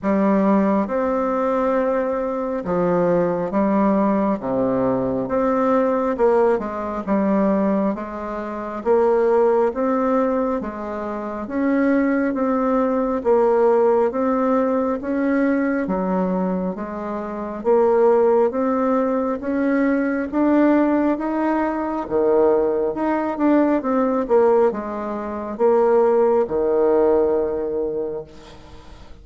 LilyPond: \new Staff \with { instrumentName = "bassoon" } { \time 4/4 \tempo 4 = 68 g4 c'2 f4 | g4 c4 c'4 ais8 gis8 | g4 gis4 ais4 c'4 | gis4 cis'4 c'4 ais4 |
c'4 cis'4 fis4 gis4 | ais4 c'4 cis'4 d'4 | dis'4 dis4 dis'8 d'8 c'8 ais8 | gis4 ais4 dis2 | }